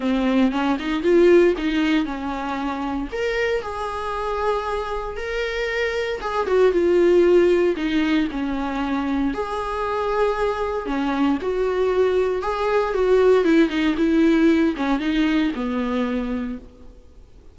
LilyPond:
\new Staff \with { instrumentName = "viola" } { \time 4/4 \tempo 4 = 116 c'4 cis'8 dis'8 f'4 dis'4 | cis'2 ais'4 gis'4~ | gis'2 ais'2 | gis'8 fis'8 f'2 dis'4 |
cis'2 gis'2~ | gis'4 cis'4 fis'2 | gis'4 fis'4 e'8 dis'8 e'4~ | e'8 cis'8 dis'4 b2 | }